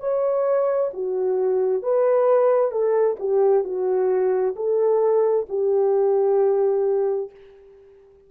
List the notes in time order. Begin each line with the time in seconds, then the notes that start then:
0.00 C#5
0.94 F#4
1.83 B4
2.72 A4
3.20 G4
3.64 F#4
4.56 A4
5.50 G4